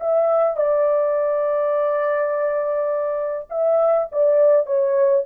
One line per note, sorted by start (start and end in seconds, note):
0.00 0.56 E5
0.56 3.47 D5
3.50 4.08 E5
4.12 4.66 D5
4.66 5.24 C#5